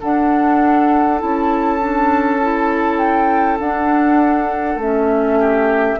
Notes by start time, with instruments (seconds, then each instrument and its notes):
0.00 clarinet D4, bassoon D4, oboe A4, flute F#5
1.18 bassoon C#4, clarinet E4, flute A5
1.79 clarinet D4
2.41 clarinet E4
2.98 flute G5
3.59 bassoon D4, clarinet D4, flute F#5
4.75 bassoon A3, clarinet C#4, flute E5
5.39 oboe G4